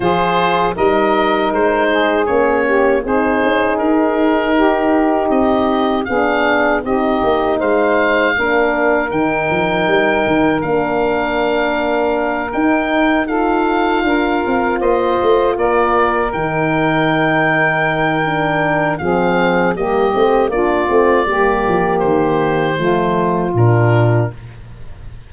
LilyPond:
<<
  \new Staff \with { instrumentName = "oboe" } { \time 4/4 \tempo 4 = 79 c''4 dis''4 c''4 cis''4 | c''4 ais'2 dis''4 | f''4 dis''4 f''2 | g''2 f''2~ |
f''8 g''4 f''2 dis''8~ | dis''8 d''4 g''2~ g''8~ | g''4 f''4 dis''4 d''4~ | d''4 c''2 ais'4 | }
  \new Staff \with { instrumentName = "saxophone" } { \time 4/4 gis'4 ais'4. gis'4 g'8 | gis'2 g'2 | gis'4 g'4 c''4 ais'4~ | ais'1~ |
ais'4. a'4 ais'4 c''8~ | c''8 ais'2.~ ais'8~ | ais'4 gis'4 g'4 f'4 | g'2 f'2 | }
  \new Staff \with { instrumentName = "horn" } { \time 4/4 f'4 dis'2 cis'4 | dis'1 | d'4 dis'2 d'4 | dis'2 d'2~ |
d'8 dis'4 f'2~ f'8~ | f'4. dis'2~ dis'8 | d'4 c'4 ais8 c'8 d'8 c'8 | ais2 a4 d'4 | }
  \new Staff \with { instrumentName = "tuba" } { \time 4/4 f4 g4 gis4 ais4 | c'8 cis'8 dis'2 c'4 | b4 c'8 ais8 gis4 ais4 | dis8 f8 g8 dis8 ais2~ |
ais8 dis'2 d'8 c'8 ais8 | a8 ais4 dis2~ dis8~ | dis4 f4 g8 a8 ais8 a8 | g8 f8 dis4 f4 ais,4 | }
>>